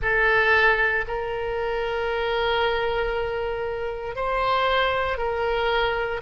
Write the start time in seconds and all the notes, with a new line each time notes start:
0.01 A4
1.07 A#4
4.15 C5
5.17 A#4